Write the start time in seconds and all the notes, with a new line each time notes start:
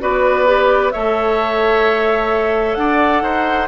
0.00 B3 F#4 B4 D5
0.46 G4
0.92 A3 A4 C#5 E5
2.75 D4 D5 F#5
3.22 D#4 C5